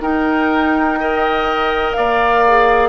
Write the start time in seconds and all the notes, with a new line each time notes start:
0.00 D#4 A#4 G5
0.99 A#4 D#5
1.92 A#3 D5 F5
2.47 G#4